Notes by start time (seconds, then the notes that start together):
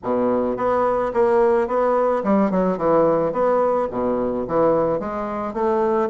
0.03 B2
0.56 B3
1.13 A#3
1.67 B3
2.23 G3
2.51 F#3
2.77 E3
3.32 B3
3.90 B2
4.47 E3
4.99 G#3
5.53 A3